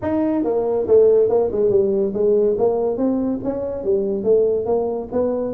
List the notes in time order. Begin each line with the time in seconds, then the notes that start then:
0.02 D#4
0.44 A#3
0.87 A3
1.29 A#3
1.51 G#3
1.70 G3
2.13 G#3
2.57 A#3
2.97 C4
3.43 C#4
3.84 G3
4.23 A3
4.65 A#3
5.12 B3